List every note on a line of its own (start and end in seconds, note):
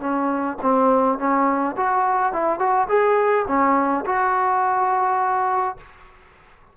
0.00 0.57 C#4
0.62 1.18 C4
1.18 1.76 C#4
1.77 2.33 F#4
2.33 2.59 E4
2.59 2.88 F#4
2.88 3.45 G#4
3.48 4.05 C#4
4.06 5.77 F#4